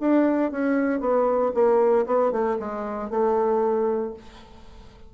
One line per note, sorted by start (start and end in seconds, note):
0.00 0.51 D4
0.51 1.00 C#4
1.00 1.52 B3
1.54 2.06 A#3
2.06 2.31 B3
2.31 2.57 A3
2.59 3.10 G#3
3.10 4.14 A3